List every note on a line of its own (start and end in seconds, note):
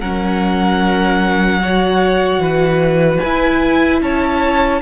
0.00 2.39 F#3
0.00 1.62 C#4
0.00 1.61 A#4
0.00 3.19 F#5
1.62 3.23 F#4
1.62 2.42 C#5
2.39 3.19 E3
2.39 4.02 B4
3.19 4.01 E4
3.19 3.99 G#5
3.25 4.81 E4
4.01 4.81 C#4
4.01 4.81 C#5
4.01 4.81 A5